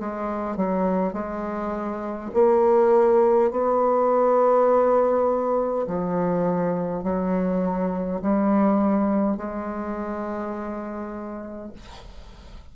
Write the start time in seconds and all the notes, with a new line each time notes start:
0.00 G#3
0.57 F#3
1.13 G#3
2.34 A#3
3.51 B3
5.87 F3
7.04 F#3
8.22 G3
9.37 G#3